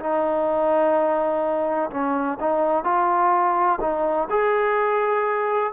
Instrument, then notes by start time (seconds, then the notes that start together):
trombone
0.00 D#4
1.90 C#4
2.40 D#4
2.84 F4
3.81 D#4
4.30 G#4